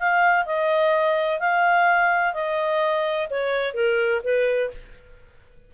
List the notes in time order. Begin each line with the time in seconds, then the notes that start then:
0.00 F5
0.46 D#5
1.40 F5
2.34 D#5
3.30 C#5
3.75 A#4
4.24 B4